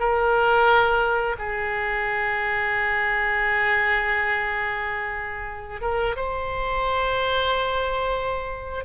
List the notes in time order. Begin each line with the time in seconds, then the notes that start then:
0.00 A#4
1.39 G#4
5.82 A#4
6.17 C5